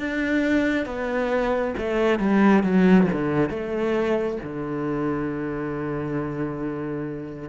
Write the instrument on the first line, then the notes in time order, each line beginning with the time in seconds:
cello
0.00 D4
0.86 B3
1.78 A3
2.20 G3
2.64 F#3
3.13 D3
3.50 A3
4.44 D3